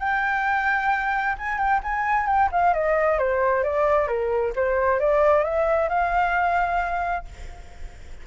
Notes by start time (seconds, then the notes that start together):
0.00 G5
1.39 G#5
1.58 G5
1.83 G#5
2.27 G5
2.52 F5
2.74 D#5
3.19 C5
3.64 D5
4.08 A#4
4.56 C5
5.00 D5
5.44 E5
5.89 F5